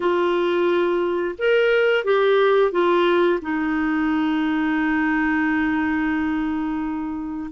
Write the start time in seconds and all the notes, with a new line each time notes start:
0.00 F4
1.38 A#4
2.04 G4
2.71 F4
3.41 D#4